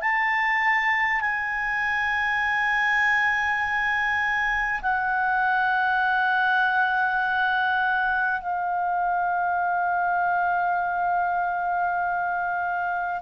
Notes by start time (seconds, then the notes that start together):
0.00 A5
1.21 G#5
4.82 F#5
8.41 F5